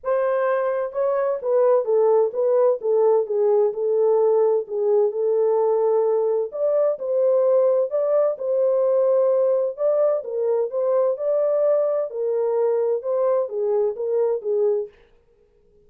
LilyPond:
\new Staff \with { instrumentName = "horn" } { \time 4/4 \tempo 4 = 129 c''2 cis''4 b'4 | a'4 b'4 a'4 gis'4 | a'2 gis'4 a'4~ | a'2 d''4 c''4~ |
c''4 d''4 c''2~ | c''4 d''4 ais'4 c''4 | d''2 ais'2 | c''4 gis'4 ais'4 gis'4 | }